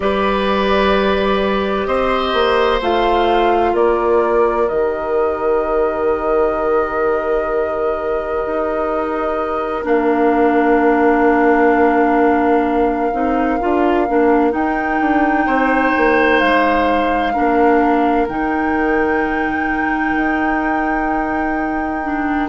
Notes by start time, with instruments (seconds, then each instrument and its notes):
0.00 bassoon G3, clarinet G4, oboe B4, flute D5
1.86 bassoon C4, oboe C5, flute D#5
2.33 bassoon A#3
2.81 bassoon A3, clarinet F4, flute F5
3.72 bassoon A#3, oboe A#4, flute D5
4.68 bassoon D#3, clarinet G4, flute D#5
8.46 bassoon D#4
9.83 bassoon A#3, clarinet D4, flute F5
13.12 bassoon C4, clarinet D#4
13.60 bassoon D4, clarinet F4
14.07 bassoon A#3, clarinet D4
14.51 clarinet D#4, bassoon D#4, flute G5
15.00 bassoon D4
15.46 bassoon C4, oboe C5
15.96 bassoon A#3
16.39 bassoon G#3, flute F5
17.33 bassoon A#3, clarinet D4, oboe A#4
18.28 bassoon D#3, clarinet D#4, flute G5
20.15 bassoon D#4
22.03 clarinet D4